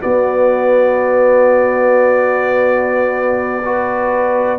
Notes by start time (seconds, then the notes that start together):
0.00 B3 F#4 D5
3.65 F#4 B4